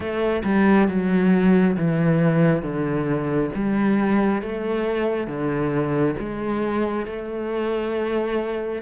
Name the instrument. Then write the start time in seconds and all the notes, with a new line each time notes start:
cello
0.00 A3
0.44 G3
0.88 F#3
1.76 E3
2.62 D3
3.55 G3
4.42 A3
5.27 D3
6.19 G#3
7.06 A3